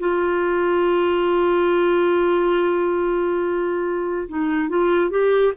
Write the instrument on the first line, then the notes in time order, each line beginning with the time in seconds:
clarinet
0.00 F4
4.29 D#4
4.69 F4
5.10 G4